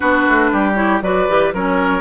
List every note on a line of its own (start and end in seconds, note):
0.00 0.27 B3
0.00 0.75 D4
0.00 0.50 F#4
0.00 0.73 B4
0.27 0.52 A3
0.52 1.01 G3
0.52 1.03 G4
0.74 1.00 E4
0.74 0.99 C#5
1.01 1.27 F#3
1.01 1.28 F#4
1.01 1.53 B4
1.01 1.53 D5
1.28 1.53 E3
1.28 1.53 G4
1.53 2.01 F#3
1.53 2.01 C#4
1.53 2.01 A#4
1.53 2.01 C#5